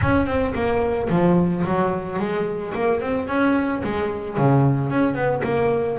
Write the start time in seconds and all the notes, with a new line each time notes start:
0.01 C#4
0.26 C4
0.54 A#3
1.09 F3
1.64 F#3
2.19 G#3
2.74 A#3
3.00 C4
3.27 C#4
3.83 G#3
4.37 C#3
4.90 C#4
5.14 B3
5.43 A#3